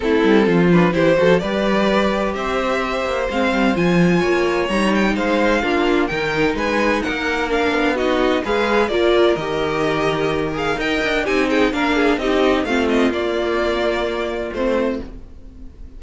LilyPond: <<
  \new Staff \with { instrumentName = "violin" } { \time 4/4 \tempo 4 = 128 a'4. b'8 c''4 d''4~ | d''4 e''2 f''4 | gis''2 ais''8 g''8 f''4~ | f''4 g''4 gis''4 fis''4 |
f''4 dis''4 f''4 d''4 | dis''2~ dis''8 f''8 g''4 | gis''8 g''8 f''4 dis''4 f''8 dis''8 | d''2. c''4 | }
  \new Staff \with { instrumentName = "violin" } { \time 4/4 e'4 f'4 g'8 a'8 b'4~ | b'4 c''2.~ | c''4 cis''2 c''4 | f'4 ais'4 b'4 ais'4~ |
ais'4 fis'4 b'4 ais'4~ | ais'2. dis''4 | g'8 gis'8 ais'8 gis'8 g'4 f'4~ | f'1 | }
  \new Staff \with { instrumentName = "viola" } { \time 4/4 c'4. d'8 e'8 fis'8 g'4~ | g'2. c'4 | f'2 dis'2 | d'4 dis'2. |
d'4 dis'4 gis'4 f'4 | g'2~ g'8 gis'8 ais'4 | dis'4 d'4 dis'4 c'4 | ais2. c'4 | }
  \new Staff \with { instrumentName = "cello" } { \time 4/4 a8 g8 f4 e8 f8 g4~ | g4 c'4. ais8 gis8 g8 | f4 ais4 g4 gis4 | ais4 dis4 gis4 ais4~ |
ais8 b4. gis4 ais4 | dis2. dis'8 d'8 | c'4 ais4 c'4 a4 | ais2. a4 | }
>>